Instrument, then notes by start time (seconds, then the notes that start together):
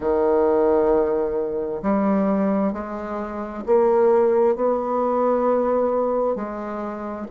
bassoon
0.00 D#3
1.82 G3
2.73 G#3
3.66 A#3
4.55 B3
6.35 G#3